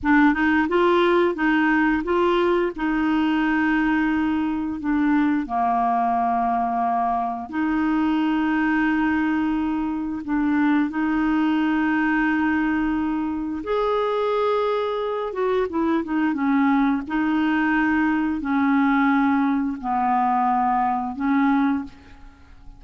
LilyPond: \new Staff \with { instrumentName = "clarinet" } { \time 4/4 \tempo 4 = 88 d'8 dis'8 f'4 dis'4 f'4 | dis'2. d'4 | ais2. dis'4~ | dis'2. d'4 |
dis'1 | gis'2~ gis'8 fis'8 e'8 dis'8 | cis'4 dis'2 cis'4~ | cis'4 b2 cis'4 | }